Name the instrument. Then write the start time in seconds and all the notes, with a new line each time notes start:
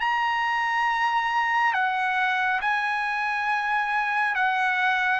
trumpet
0.00 A#5
1.73 F#5
2.61 G#5
4.35 F#5